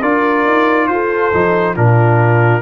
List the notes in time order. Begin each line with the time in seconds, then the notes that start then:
0.00 D4 F4 A#4 D5
0.46 D#4
0.87 F4 A4 C5
1.34 F3 D#4
1.75 A#2 D4 F4 A#4